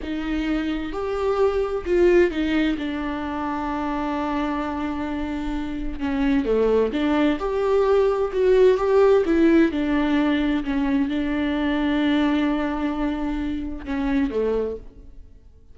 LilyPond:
\new Staff \with { instrumentName = "viola" } { \time 4/4 \tempo 4 = 130 dis'2 g'2 | f'4 dis'4 d'2~ | d'1~ | d'4 cis'4 a4 d'4 |
g'2 fis'4 g'4 | e'4 d'2 cis'4 | d'1~ | d'2 cis'4 a4 | }